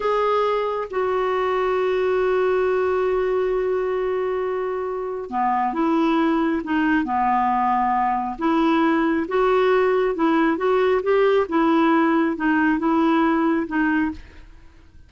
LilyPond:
\new Staff \with { instrumentName = "clarinet" } { \time 4/4 \tempo 4 = 136 gis'2 fis'2~ | fis'1~ | fis'1 | b4 e'2 dis'4 |
b2. e'4~ | e'4 fis'2 e'4 | fis'4 g'4 e'2 | dis'4 e'2 dis'4 | }